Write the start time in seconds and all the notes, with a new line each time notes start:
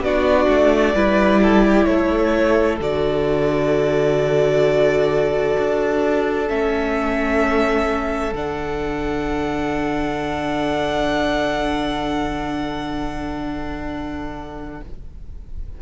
0.00 B3 D4 F#4 D5
0.48 A3
0.94 G3 E4 B4
1.42 A4
1.65 G4
1.84 A3 A4 C#5
2.79 D3 F#4 D5
5.58 D4
6.48 A3 C#4 E5
8.33 D3 D4 F#5